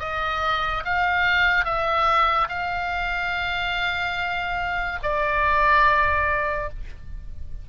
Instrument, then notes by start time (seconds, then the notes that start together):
oboe
0.00 D#5
0.85 F5
1.65 E5
2.49 F5
5.03 D5